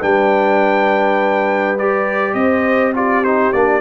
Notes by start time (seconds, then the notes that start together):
0.00 G3 D4 B4 G5
1.79 G4 D5
2.34 C4 C5 D#5
2.94 F4 G4 D5
3.24 D#4 C5
3.53 A#3 D4 D5